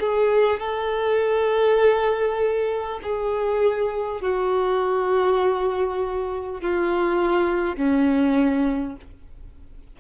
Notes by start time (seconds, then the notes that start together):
0.00 G#4
0.60 A4
3.03 G#4
4.22 F#4
6.62 F4
7.76 C#4